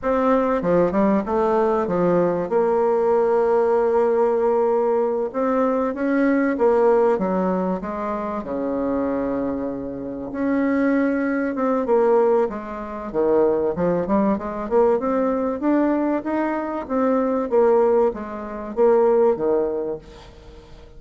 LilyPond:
\new Staff \with { instrumentName = "bassoon" } { \time 4/4 \tempo 4 = 96 c'4 f8 g8 a4 f4 | ais1~ | ais8 c'4 cis'4 ais4 fis8~ | fis8 gis4 cis2~ cis8~ |
cis8 cis'2 c'8 ais4 | gis4 dis4 f8 g8 gis8 ais8 | c'4 d'4 dis'4 c'4 | ais4 gis4 ais4 dis4 | }